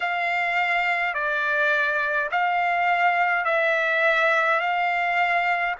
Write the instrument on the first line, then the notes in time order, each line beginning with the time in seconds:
trumpet
0.00 F5
1.14 D5
2.31 F5
3.45 E5
4.59 F5